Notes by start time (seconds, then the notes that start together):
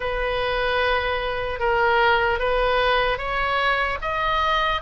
0.00 B4
1.59 A#4
2.39 B4
3.17 C#5
4.01 D#5